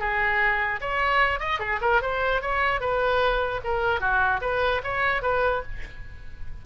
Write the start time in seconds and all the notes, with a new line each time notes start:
0.00 G#4
0.81 C#5
1.40 D#5
1.60 G#4
1.82 A#4
2.02 C5
2.42 C#5
2.81 B4
3.64 A#4
4.01 F#4
4.42 B4
4.84 C#5
5.22 B4